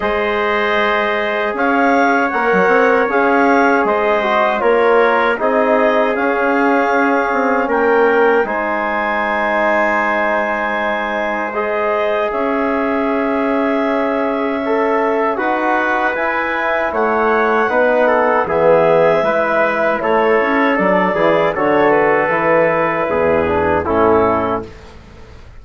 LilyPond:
<<
  \new Staff \with { instrumentName = "clarinet" } { \time 4/4 \tempo 4 = 78 dis''2 f''4 fis''4 | f''4 dis''4 cis''4 dis''4 | f''2 g''4 gis''4~ | gis''2. dis''4 |
e''1 | fis''4 gis''4 fis''2 | e''2 cis''4 d''4 | cis''8 b'2~ b'8 a'4 | }
  \new Staff \with { instrumentName = "trumpet" } { \time 4/4 c''2 cis''2~ | cis''4 c''4 ais'4 gis'4~ | gis'2 ais'4 c''4~ | c''1 |
cis''1 | b'2 cis''4 b'8 a'8 | gis'4 b'4 a'4. gis'8 | a'2 gis'4 e'4 | }
  \new Staff \with { instrumentName = "trombone" } { \time 4/4 gis'2. ais'4 | gis'4. fis'8 f'4 dis'4 | cis'2. dis'4~ | dis'2. gis'4~ |
gis'2. a'4 | fis'4 e'2 dis'4 | b4 e'2 d'8 e'8 | fis'4 e'4. d'8 cis'4 | }
  \new Staff \with { instrumentName = "bassoon" } { \time 4/4 gis2 cis'4 ais16 fis16 c'8 | cis'4 gis4 ais4 c'4 | cis'4. c'8 ais4 gis4~ | gis1 |
cis'1 | dis'4 e'4 a4 b4 | e4 gis4 a8 cis'8 fis8 e8 | d4 e4 e,4 a,4 | }
>>